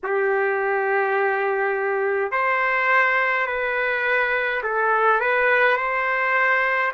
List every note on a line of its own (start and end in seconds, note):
0.03 2.31 G4
2.31 3.46 C5
3.46 4.62 B4
4.63 5.20 A4
5.20 5.76 B4
5.76 6.92 C5